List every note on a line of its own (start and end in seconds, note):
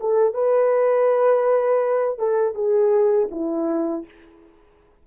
0.00 0.34 A4
0.34 2.19 B4
2.19 2.55 A4
2.55 3.29 G#4
3.31 4.05 E4